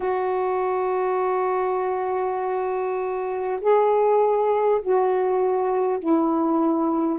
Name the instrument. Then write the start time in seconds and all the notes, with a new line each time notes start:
saxophone
0.00 F#4
3.61 G#4
4.81 F#4
5.99 E4